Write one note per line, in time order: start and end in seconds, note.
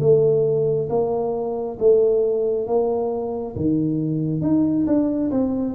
0.00 0.88 A3
0.89 1.78 A#3
1.79 2.67 A3
2.67 3.55 A#3
3.56 4.41 D#3
4.41 4.85 D#4
4.86 5.31 D4
5.31 5.74 C4